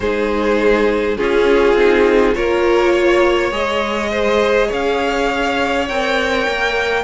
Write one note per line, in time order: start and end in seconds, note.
0.00 1.17 G#3
0.00 1.17 D#4
0.00 1.17 G#4
0.00 1.17 C5
1.17 1.75 C#4
1.17 1.74 C#4
1.17 2.35 F4
1.17 2.34 G#4
1.74 2.32 C4
1.74 2.34 D#4
2.34 3.51 A#3
2.34 3.51 F4
2.34 2.92 A#4
2.34 3.52 C#5
2.92 4.10 C#5
3.51 4.69 G#3
3.51 5.87 G#4
3.51 4.71 D#5
4.10 4.67 C5
4.67 5.89 C#4
4.67 7.02 C#5
4.67 5.88 F5
5.88 6.47 C4
5.88 7.04 A#4
5.88 7.04 G5
6.47 7.04 A#3